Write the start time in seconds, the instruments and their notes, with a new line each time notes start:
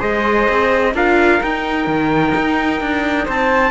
0.00 cello G#3, viola G#4, flute C5, trumpet D#5
0.50 cello C4
0.94 cello D4, viola F4, flute A#4, trumpet F5
1.41 viola D#4, cello D#4, trumpet G5
1.87 cello D#3
2.36 cello D#4
2.81 cello D4
3.25 cello C4, flute C5, trumpet A5